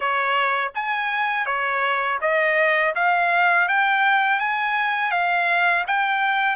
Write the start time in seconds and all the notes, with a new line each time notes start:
0.00 C#5
0.75 G#5
1.45 C#5
2.21 D#5
2.95 F5
3.68 G5
4.39 G#5
5.11 F5
5.87 G5